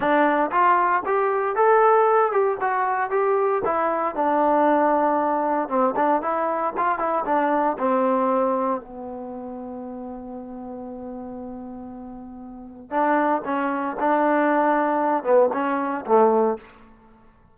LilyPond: \new Staff \with { instrumentName = "trombone" } { \time 4/4 \tempo 4 = 116 d'4 f'4 g'4 a'4~ | a'8 g'8 fis'4 g'4 e'4 | d'2. c'8 d'8 | e'4 f'8 e'8 d'4 c'4~ |
c'4 b2.~ | b1~ | b4 d'4 cis'4 d'4~ | d'4. b8 cis'4 a4 | }